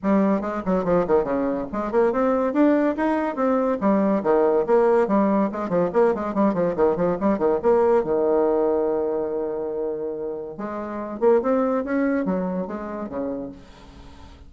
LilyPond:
\new Staff \with { instrumentName = "bassoon" } { \time 4/4 \tempo 4 = 142 g4 gis8 fis8 f8 dis8 cis4 | gis8 ais8 c'4 d'4 dis'4 | c'4 g4 dis4 ais4 | g4 gis8 f8 ais8 gis8 g8 f8 |
dis8 f8 g8 dis8 ais4 dis4~ | dis1~ | dis4 gis4. ais8 c'4 | cis'4 fis4 gis4 cis4 | }